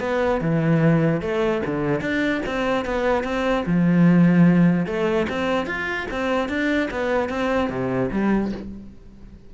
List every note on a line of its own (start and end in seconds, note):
0.00 0.41 B3
0.41 1.21 E3
1.21 1.62 A3
1.65 2.00 D3
2.00 2.41 D4
2.46 2.85 C4
2.85 3.24 B3
3.24 3.64 C4
3.66 4.86 F3
4.86 5.27 A3
5.29 5.66 C4
5.66 6.07 F4
6.11 6.49 C4
6.49 6.89 D4
6.90 7.29 B3
7.29 7.69 C4
7.69 8.10 C3
8.11 8.52 G3